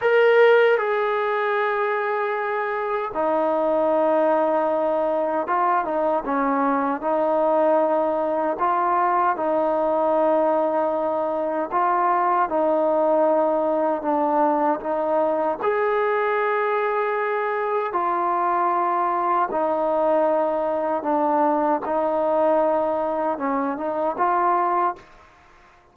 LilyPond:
\new Staff \with { instrumentName = "trombone" } { \time 4/4 \tempo 4 = 77 ais'4 gis'2. | dis'2. f'8 dis'8 | cis'4 dis'2 f'4 | dis'2. f'4 |
dis'2 d'4 dis'4 | gis'2. f'4~ | f'4 dis'2 d'4 | dis'2 cis'8 dis'8 f'4 | }